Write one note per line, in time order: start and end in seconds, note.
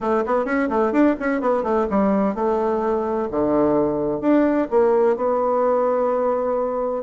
0.00 0.24 A3
0.26 0.45 B3
0.45 0.68 C#4
0.69 0.92 A3
0.92 1.15 D4
1.19 1.41 C#4
1.41 1.63 B3
1.63 1.86 A3
1.89 2.35 G3
2.35 3.28 A3
3.30 4.20 D3
4.20 4.67 D4
4.70 5.16 A#3
5.16 7.03 B3